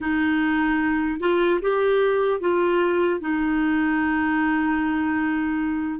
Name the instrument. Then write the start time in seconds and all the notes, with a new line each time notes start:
clarinet
0.00 D#4
1.20 F4
1.61 G4
2.40 F4
3.20 D#4